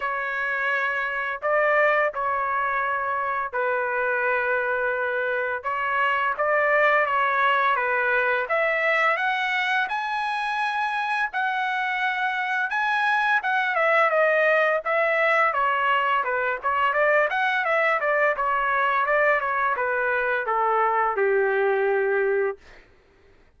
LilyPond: \new Staff \with { instrumentName = "trumpet" } { \time 4/4 \tempo 4 = 85 cis''2 d''4 cis''4~ | cis''4 b'2. | cis''4 d''4 cis''4 b'4 | e''4 fis''4 gis''2 |
fis''2 gis''4 fis''8 e''8 | dis''4 e''4 cis''4 b'8 cis''8 | d''8 fis''8 e''8 d''8 cis''4 d''8 cis''8 | b'4 a'4 g'2 | }